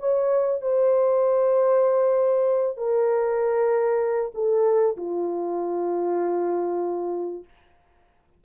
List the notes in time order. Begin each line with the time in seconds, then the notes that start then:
0.00 C#5
0.62 C5
2.77 A#4
4.35 A4
4.97 F4